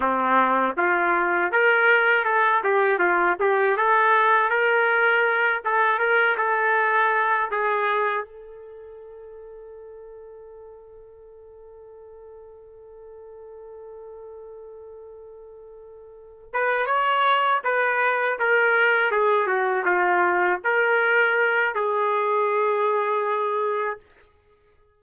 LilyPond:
\new Staff \with { instrumentName = "trumpet" } { \time 4/4 \tempo 4 = 80 c'4 f'4 ais'4 a'8 g'8 | f'8 g'8 a'4 ais'4. a'8 | ais'8 a'4. gis'4 a'4~ | a'1~ |
a'1~ | a'2 b'8 cis''4 b'8~ | b'8 ais'4 gis'8 fis'8 f'4 ais'8~ | ais'4 gis'2. | }